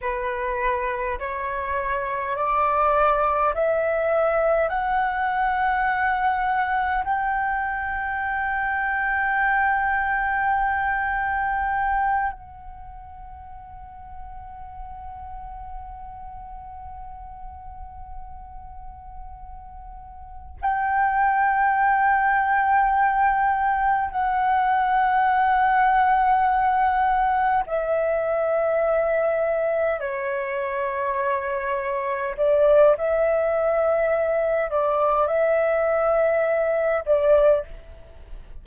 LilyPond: \new Staff \with { instrumentName = "flute" } { \time 4/4 \tempo 4 = 51 b'4 cis''4 d''4 e''4 | fis''2 g''2~ | g''2~ g''8 fis''4.~ | fis''1~ |
fis''4. g''2~ g''8~ | g''8 fis''2. e''8~ | e''4. cis''2 d''8 | e''4. d''8 e''4. d''8 | }